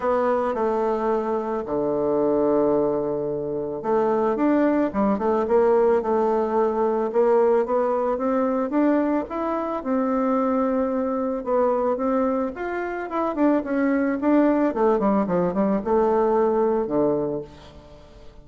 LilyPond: \new Staff \with { instrumentName = "bassoon" } { \time 4/4 \tempo 4 = 110 b4 a2 d4~ | d2. a4 | d'4 g8 a8 ais4 a4~ | a4 ais4 b4 c'4 |
d'4 e'4 c'2~ | c'4 b4 c'4 f'4 | e'8 d'8 cis'4 d'4 a8 g8 | f8 g8 a2 d4 | }